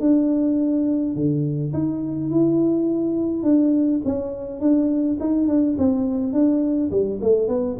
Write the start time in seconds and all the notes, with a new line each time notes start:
0.00 D4
1.15 D3
1.73 D#4
2.31 E4
3.43 D4
4.05 C#4
4.60 D4
5.20 D#4
5.48 D4
5.78 C4
6.33 D4
6.91 G3
7.22 A3
7.48 B3